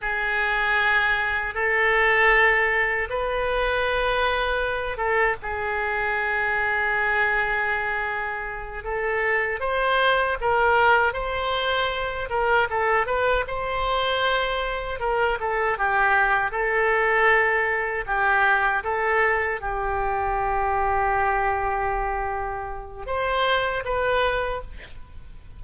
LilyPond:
\new Staff \with { instrumentName = "oboe" } { \time 4/4 \tempo 4 = 78 gis'2 a'2 | b'2~ b'8 a'8 gis'4~ | gis'2.~ gis'8 a'8~ | a'8 c''4 ais'4 c''4. |
ais'8 a'8 b'8 c''2 ais'8 | a'8 g'4 a'2 g'8~ | g'8 a'4 g'2~ g'8~ | g'2 c''4 b'4 | }